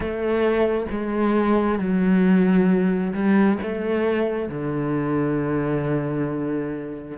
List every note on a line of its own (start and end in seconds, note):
0.00 0.86 A3
0.90 1.78 G#3
1.78 3.13 F#3
3.13 3.58 G3
3.62 4.49 A3
4.49 7.17 D3